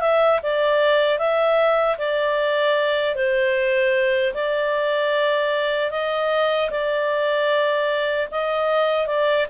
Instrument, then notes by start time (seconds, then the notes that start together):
clarinet
0.00 E5
0.43 D5
1.18 E5
1.98 D5
3.15 C5
4.34 D5
5.91 D#5
6.70 D5
8.31 D#5
9.06 D5